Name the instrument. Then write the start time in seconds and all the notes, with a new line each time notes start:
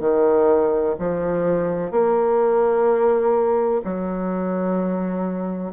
bassoon
0.00 D#3
0.99 F3
1.91 A#3
3.84 F#3